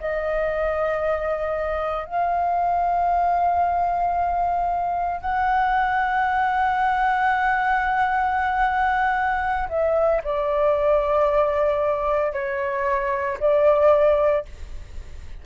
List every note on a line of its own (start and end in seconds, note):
0.00 2.05 D#5
2.05 5.21 F5
5.21 9.68 F#5
9.68 10.21 E5
10.23 12.33 D5
12.33 13.38 C#5
13.39 14.44 D5